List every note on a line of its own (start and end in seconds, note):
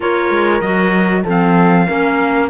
0.00 0.30 A#3
0.00 0.62 F4
0.00 1.23 A#4
0.00 0.61 C#5
0.30 0.61 G#3
0.61 1.24 F#3
0.61 1.25 F#4
0.61 1.23 D#5
1.23 1.87 F3
1.23 1.87 C4
1.23 1.85 A4
1.30 2.49 F5
1.87 2.49 A#3
1.87 2.49 C#4
1.87 2.49 A#4